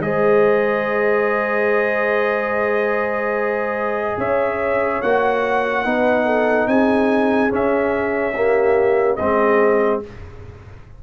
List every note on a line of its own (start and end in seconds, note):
0.00 4.17 G#3
0.00 5.03 G#4
0.00 4.19 C5
0.00 4.19 D#5
4.18 5.02 C#4
4.18 5.86 C#5
4.18 5.02 E5
5.02 5.86 A#3
5.02 5.85 F#4
5.02 6.68 F#5
5.85 6.68 B3
5.85 7.51 D#4
5.85 6.26 B4
6.26 6.68 A4
6.68 7.51 C4
6.68 8.37 G#4
6.68 7.52 G#5
7.51 8.34 C#4
7.51 9.19 C#4
7.51 9.17 E5
8.35 9.19 A#3
8.35 9.19 G4
9.17 10.04 G#3
9.17 10.04 C4
9.17 10.02 G#4
9.17 10.00 D#5